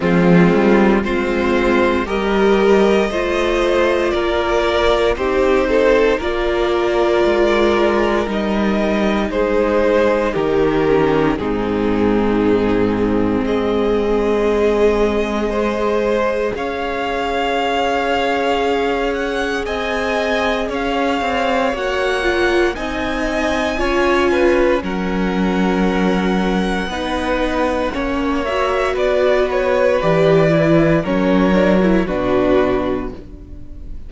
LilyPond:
<<
  \new Staff \with { instrumentName = "violin" } { \time 4/4 \tempo 4 = 58 f'4 c''4 dis''2 | d''4 c''4 d''2 | dis''4 c''4 ais'4 gis'4~ | gis'4 dis''2. |
f''2~ f''8 fis''8 gis''4 | f''4 fis''4 gis''2 | fis''2.~ fis''8 e''8 | d''8 cis''8 d''4 cis''4 b'4 | }
  \new Staff \with { instrumentName = "violin" } { \time 4/4 c'4 f'4 ais'4 c''4 | ais'4 g'8 a'8 ais'2~ | ais'4 gis'4 g'4 dis'4~ | dis'4 gis'2 c''4 |
cis''2. dis''4 | cis''2 dis''4 cis''8 b'8 | ais'2 b'4 cis''4 | b'2 ais'4 fis'4 | }
  \new Staff \with { instrumentName = "viola" } { \time 4/4 gis4 c'4 g'4 f'4~ | f'4 dis'4 f'2 | dis'2~ dis'8 cis'8 c'4~ | c'2. gis'4~ |
gis'1~ | gis'4 fis'8 f'8 dis'4 f'4 | cis'2 dis'4 cis'8 fis'8~ | fis'4 g'8 e'8 cis'8 d'16 e'16 d'4 | }
  \new Staff \with { instrumentName = "cello" } { \time 4/4 f8 g8 gis4 g4 a4 | ais4 c'4 ais4 gis4 | g4 gis4 dis4 gis,4~ | gis,4 gis2. |
cis'2. c'4 | cis'8 c'8 ais4 c'4 cis'4 | fis2 b4 ais4 | b4 e4 fis4 b,4 | }
>>